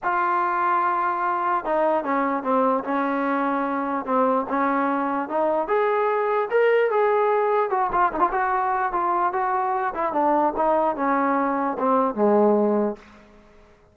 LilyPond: \new Staff \with { instrumentName = "trombone" } { \time 4/4 \tempo 4 = 148 f'1 | dis'4 cis'4 c'4 cis'4~ | cis'2 c'4 cis'4~ | cis'4 dis'4 gis'2 |
ais'4 gis'2 fis'8 f'8 | dis'16 f'16 fis'4. f'4 fis'4~ | fis'8 e'8 d'4 dis'4 cis'4~ | cis'4 c'4 gis2 | }